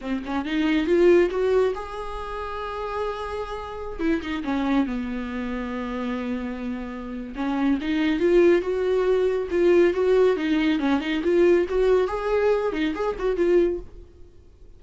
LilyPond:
\new Staff \with { instrumentName = "viola" } { \time 4/4 \tempo 4 = 139 c'8 cis'8 dis'4 f'4 fis'4 | gis'1~ | gis'4~ gis'16 e'8 dis'8 cis'4 b8.~ | b1~ |
b4 cis'4 dis'4 f'4 | fis'2 f'4 fis'4 | dis'4 cis'8 dis'8 f'4 fis'4 | gis'4. dis'8 gis'8 fis'8 f'4 | }